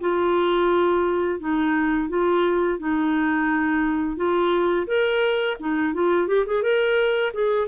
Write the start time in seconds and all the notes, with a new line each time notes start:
0.00 F4
1.40 D#4
2.09 F4
2.79 D#4
4.16 F4
4.87 A#4
5.60 D#4
5.94 F4
6.27 G4
6.46 G#4
6.62 A#4
7.33 G#4